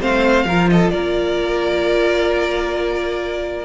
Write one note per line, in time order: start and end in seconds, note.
0.00 0.45 A3
0.00 0.46 C4
0.00 0.46 C5
0.00 0.69 F5
0.45 0.90 F3
0.45 3.65 F4
0.45 0.70 A#4
0.69 0.93 A4
0.69 0.90 D#5
0.90 3.65 A#3
0.90 3.65 A#4
0.90 3.65 D5